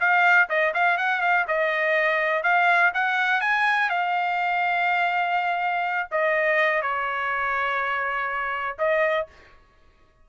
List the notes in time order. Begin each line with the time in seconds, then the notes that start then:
0.00 F5
0.49 D#5
0.74 F5
0.98 F#5
1.21 F5
1.47 D#5
2.43 F5
2.94 F#5
3.41 G#5
3.89 F5
6.11 D#5
6.82 C#5
8.78 D#5